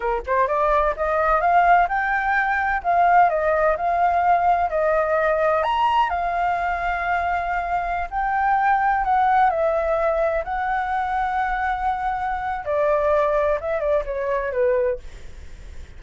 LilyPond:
\new Staff \with { instrumentName = "flute" } { \time 4/4 \tempo 4 = 128 ais'8 c''8 d''4 dis''4 f''4 | g''2 f''4 dis''4 | f''2 dis''2 | ais''4 f''2.~ |
f''4~ f''16 g''2 fis''8.~ | fis''16 e''2 fis''4.~ fis''16~ | fis''2. d''4~ | d''4 e''8 d''8 cis''4 b'4 | }